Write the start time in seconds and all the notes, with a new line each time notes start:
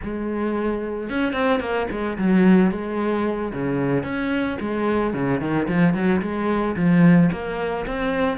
0.03 G#3
1.09 C#4
1.32 C4
1.59 A#3
1.90 G#3
2.17 F#3
2.71 G#3
3.53 C#3
4.03 C#4
4.60 G#3
5.13 C#3
5.40 D#3
5.68 F3
5.94 F#3
6.21 G#3
6.76 F3
7.32 A#3
7.86 C4